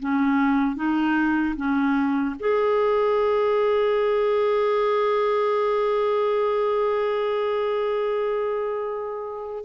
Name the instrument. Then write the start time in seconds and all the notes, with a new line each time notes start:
clarinet
0.00 C#4
0.76 D#4
1.57 C#4
2.40 G#4